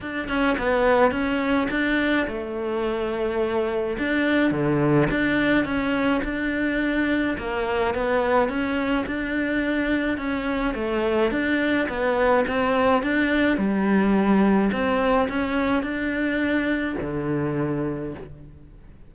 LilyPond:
\new Staff \with { instrumentName = "cello" } { \time 4/4 \tempo 4 = 106 d'8 cis'8 b4 cis'4 d'4 | a2. d'4 | d4 d'4 cis'4 d'4~ | d'4 ais4 b4 cis'4 |
d'2 cis'4 a4 | d'4 b4 c'4 d'4 | g2 c'4 cis'4 | d'2 d2 | }